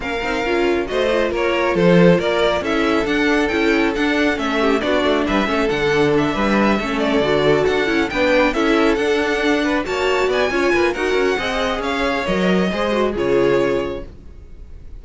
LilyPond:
<<
  \new Staff \with { instrumentName = "violin" } { \time 4/4 \tempo 4 = 137 f''2 dis''4 cis''4 | c''4 d''4 e''4 fis''4 | g''4 fis''4 e''4 d''4 | e''4 fis''4 e''2 |
d''4. fis''4 g''4 e''8~ | e''8 fis''2 a''4 gis''8~ | gis''4 fis''2 f''4 | dis''2 cis''2 | }
  \new Staff \with { instrumentName = "violin" } { \time 4/4 ais'2 c''4 ais'4 | a'4 ais'4 a'2~ | a'2~ a'8 g'8 fis'4 | b'8 a'2 b'4 a'8~ |
a'2~ a'8 b'4 a'8~ | a'2 b'8 cis''4 d''8 | cis''8 b'8 ais'4 dis''4 cis''4~ | cis''4 c''4 gis'2 | }
  \new Staff \with { instrumentName = "viola" } { \time 4/4 cis'8 dis'8 f'4 fis'8 f'4.~ | f'2 e'4 d'4 | e'4 d'4 cis'4 d'4~ | d'8 cis'8 d'2~ d'8 cis'8~ |
cis'8 fis'4. e'8 d'4 e'8~ | e'8 d'2 fis'4. | f'4 fis'4 gis'2 | ais'4 gis'8 fis'8 f'2 | }
  \new Staff \with { instrumentName = "cello" } { \time 4/4 ais8 c'8 cis'4 a4 ais4 | f4 ais4 cis'4 d'4 | cis'4 d'4 a4 b8 a8 | g8 a8 d4. g4 a8~ |
a8 d4 d'8 cis'8 b4 cis'8~ | cis'8 d'2 ais4 b8 | cis'8 ais8 dis'8 cis'8 c'4 cis'4 | fis4 gis4 cis2 | }
>>